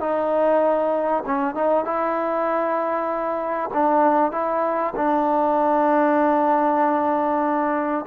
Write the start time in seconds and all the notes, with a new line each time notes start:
0.00 D#4
1.26 C#4
1.55 D#4
1.85 E4
3.74 D4
4.32 E4
4.96 D4